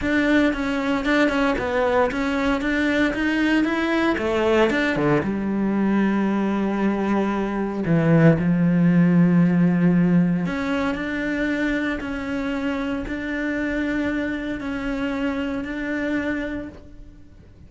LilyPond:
\new Staff \with { instrumentName = "cello" } { \time 4/4 \tempo 4 = 115 d'4 cis'4 d'8 cis'8 b4 | cis'4 d'4 dis'4 e'4 | a4 d'8 d8 g2~ | g2. e4 |
f1 | cis'4 d'2 cis'4~ | cis'4 d'2. | cis'2 d'2 | }